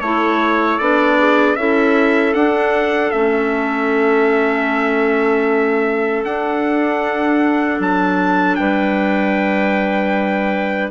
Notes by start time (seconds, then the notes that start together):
0.00 A3 E4 A4 C#5
0.78 B3 D4 D5
1.18 G#4
1.55 C#4 E4 A4 E5
2.33 D4 F#5
3.11 A3 C#4 E5
6.24 D4 F#5
7.79 F#3 A5
8.55 G3 B4 G5